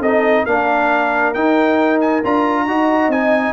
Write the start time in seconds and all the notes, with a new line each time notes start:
0.00 C4 D#4 A4 D#5
0.43 A#3 D4 A#4 F5
1.33 D#4 G5
2.00 G#5
2.24 D4 F4 A#5
2.66 D#4 F#4 D#5
3.08 C4 D#4 G#5